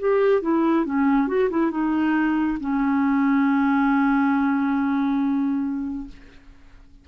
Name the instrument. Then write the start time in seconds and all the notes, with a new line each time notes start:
clarinet
0.00 G4
0.42 E4
0.86 C#4
1.28 F#4
1.51 E4
1.72 D#4
2.60 C#4